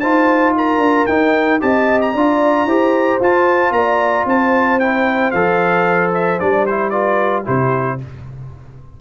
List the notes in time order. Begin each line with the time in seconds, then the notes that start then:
0.00 D#4 F4 C5 A5
0.57 A#4 A#5
0.78 D4
1.07 D#4 G5
1.60 C4 G4 D#5 A5
2.02 A#5
2.14 D4 F4 D5
2.66 E4 G4 C5
3.21 F4 A5
3.71 A#3 D5 A#5
4.26 C4 C5 A5
4.80 E4 G5
5.32 F3 A4 F5
6.14 E5
6.40 G3 D4 D5
6.66 E4 C5
6.90 F4 B4 D5
7.44 C3 E4 G4 C5